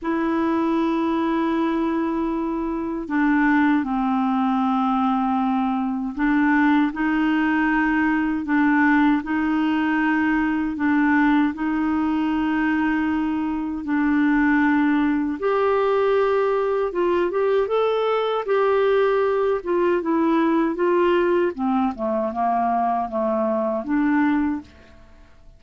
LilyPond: \new Staff \with { instrumentName = "clarinet" } { \time 4/4 \tempo 4 = 78 e'1 | d'4 c'2. | d'4 dis'2 d'4 | dis'2 d'4 dis'4~ |
dis'2 d'2 | g'2 f'8 g'8 a'4 | g'4. f'8 e'4 f'4 | c'8 a8 ais4 a4 d'4 | }